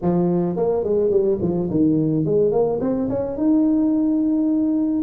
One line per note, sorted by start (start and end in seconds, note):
0.02 0.56 F3
0.56 0.83 A#3
0.83 1.10 G#3
1.10 1.38 G3
1.41 1.69 F3
1.70 2.25 D#3
2.25 2.51 G#3
2.51 2.79 A#3
2.80 3.08 C4
3.09 3.36 C#4
3.36 5.02 D#4